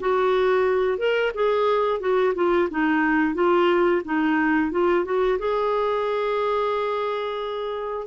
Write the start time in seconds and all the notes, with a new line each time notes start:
0.00 F#4
0.98 A#4
1.34 G#4
2.00 F#4
2.35 F4
2.70 D#4
3.35 F4
4.05 D#4
4.71 F4
5.05 F#4
5.39 G#4